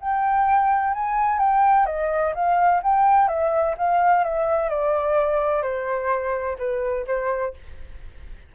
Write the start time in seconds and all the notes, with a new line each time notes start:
0.00 G5
0.94 G#5
1.39 G5
1.86 D#5
2.34 F5
2.83 G5
3.28 E5
3.77 F5
4.24 E5
4.69 D5
5.62 C5
6.58 B4
7.07 C5